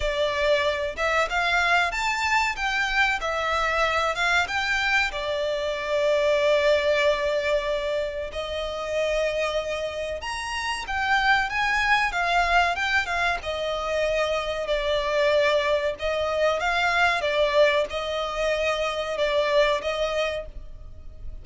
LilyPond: \new Staff \with { instrumentName = "violin" } { \time 4/4 \tempo 4 = 94 d''4. e''8 f''4 a''4 | g''4 e''4. f''8 g''4 | d''1~ | d''4 dis''2. |
ais''4 g''4 gis''4 f''4 | g''8 f''8 dis''2 d''4~ | d''4 dis''4 f''4 d''4 | dis''2 d''4 dis''4 | }